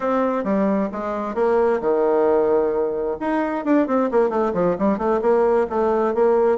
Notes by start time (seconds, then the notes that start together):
0.00 C4
0.43 G3
0.92 G#3
1.35 A#3
1.81 D#3
3.20 D#4
3.64 D4
3.87 C4
4.11 A#3
4.29 A3
4.53 F3
4.78 G3
4.98 A3
5.21 A#3
5.69 A3
6.14 A#3